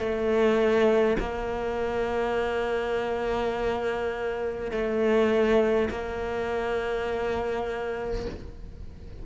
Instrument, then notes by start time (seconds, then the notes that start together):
cello
0.00 A3
1.20 A#3
4.72 A3
5.90 A#3